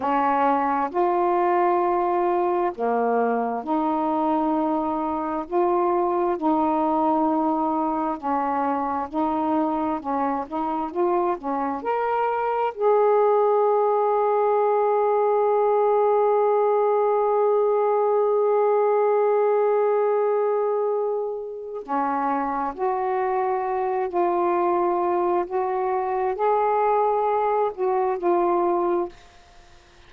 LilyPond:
\new Staff \with { instrumentName = "saxophone" } { \time 4/4 \tempo 4 = 66 cis'4 f'2 ais4 | dis'2 f'4 dis'4~ | dis'4 cis'4 dis'4 cis'8 dis'8 | f'8 cis'8 ais'4 gis'2~ |
gis'1~ | gis'1 | cis'4 fis'4. f'4. | fis'4 gis'4. fis'8 f'4 | }